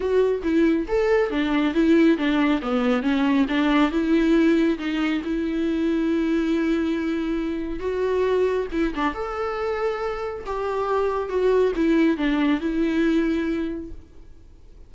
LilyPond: \new Staff \with { instrumentName = "viola" } { \time 4/4 \tempo 4 = 138 fis'4 e'4 a'4 d'4 | e'4 d'4 b4 cis'4 | d'4 e'2 dis'4 | e'1~ |
e'2 fis'2 | e'8 d'8 a'2. | g'2 fis'4 e'4 | d'4 e'2. | }